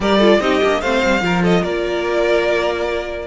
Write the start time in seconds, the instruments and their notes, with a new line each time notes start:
0.00 cello G3, viola G4, violin A#4 D5
0.18 viola F4, violin A4
0.39 cello C4, viola D#4, violin G4 D#5
0.62 cello A#3, viola D4
0.81 cello A3, viola C4, violin C5 F5
1.04 cello G3
1.21 cello F3, viola F4, violin A#4
1.42 violin A4 D#5
1.61 cello A#3, violin A#4 D5